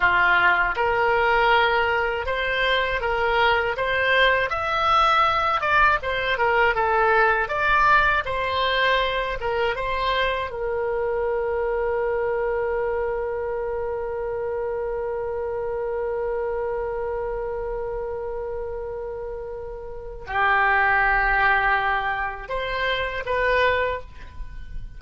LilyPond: \new Staff \with { instrumentName = "oboe" } { \time 4/4 \tempo 4 = 80 f'4 ais'2 c''4 | ais'4 c''4 e''4. d''8 | c''8 ais'8 a'4 d''4 c''4~ | c''8 ais'8 c''4 ais'2~ |
ais'1~ | ais'1~ | ais'2. g'4~ | g'2 c''4 b'4 | }